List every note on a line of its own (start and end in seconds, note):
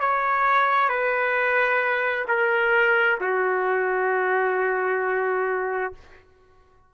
0.00 0.89 C#5
0.89 2.25 B4
2.28 3.19 A#4
3.20 5.93 F#4